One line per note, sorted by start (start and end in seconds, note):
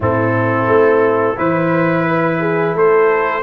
0.00 0.67 A2
0.00 1.35 C4
0.00 1.37 E4
0.00 1.38 A4
0.67 1.36 A3
1.35 2.75 E3
1.35 3.42 E4
1.35 2.76 B4
1.35 2.06 C5
2.08 2.40 B4
2.40 2.74 G#4
2.74 3.43 A3
2.74 3.43 A4
2.74 3.43 C5